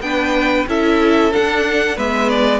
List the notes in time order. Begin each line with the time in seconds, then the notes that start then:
0.00 B3 D4 B4 G5
0.67 C#4 E4 A4 E5
1.32 D4 F#5
1.96 G#3 B3 B4 E5
2.29 D5